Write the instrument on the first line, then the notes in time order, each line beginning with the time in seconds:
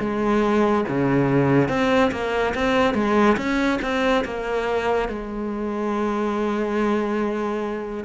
cello
0.00 G#3
0.88 C#3
1.69 C4
2.11 A#3
2.55 C4
2.94 G#3
3.37 C#4
3.82 C4
4.25 A#3
5.09 G#3